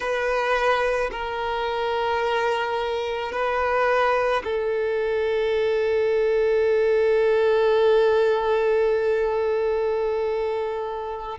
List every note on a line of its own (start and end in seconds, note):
0.00 1.10 B4
1.11 3.31 A#4
3.31 4.42 B4
4.44 11.38 A4